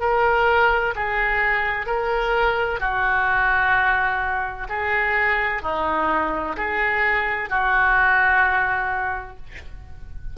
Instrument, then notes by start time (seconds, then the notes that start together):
oboe
0.00 A#4
0.95 G#4
1.86 A#4
2.80 F#4
4.69 G#4
5.62 D#4
6.56 G#4
7.49 F#4